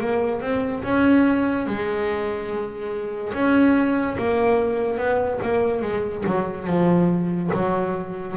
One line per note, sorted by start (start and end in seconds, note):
0.00 0.41 A#3
0.41 0.83 C4
0.83 1.66 C#4
1.66 3.33 G#3
3.33 4.17 C#4
4.18 4.97 A#3
4.97 5.39 B3
5.42 5.82 A#3
5.82 6.23 G#3
6.25 6.67 F#3
6.67 7.50 F3
7.53 8.36 F#3